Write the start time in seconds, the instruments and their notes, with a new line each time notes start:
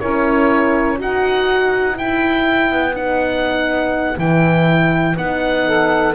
0.00 double bass C#4, horn E4, saxophone A#4, oboe C#5
0.98 double bass D#4, horn F#4, saxophone B4, oboe F#5
1.93 horn E4, double bass E4, oboe G5
2.69 double bass B3
2.95 horn D#4, oboe F#5
4.17 double bass E3, horn E4, oboe G5
5.16 double bass B3, horn D#4, oboe F#5
5.66 saxophone A4